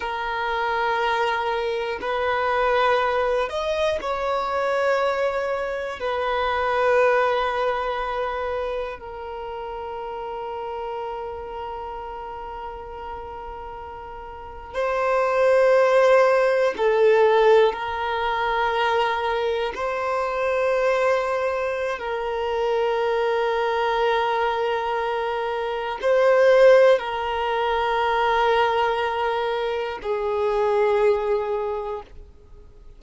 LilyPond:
\new Staff \with { instrumentName = "violin" } { \time 4/4 \tempo 4 = 60 ais'2 b'4. dis''8 | cis''2 b'2~ | b'4 ais'2.~ | ais'2~ ais'8. c''4~ c''16~ |
c''8. a'4 ais'2 c''16~ | c''2 ais'2~ | ais'2 c''4 ais'4~ | ais'2 gis'2 | }